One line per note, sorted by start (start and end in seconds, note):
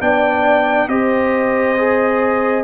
0.00 0.87 B3
0.00 0.88 D4
0.00 0.88 D5
0.00 0.88 G5
0.87 2.63 C4
0.87 1.76 G4
0.87 2.63 C5
0.87 2.63 D#5
1.77 2.63 G#4